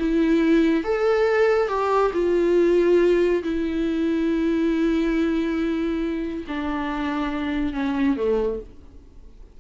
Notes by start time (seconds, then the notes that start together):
0.00 E4
0.84 A4
1.69 G4
2.14 F4
3.43 E4
6.48 D4
7.74 C#4
8.17 A3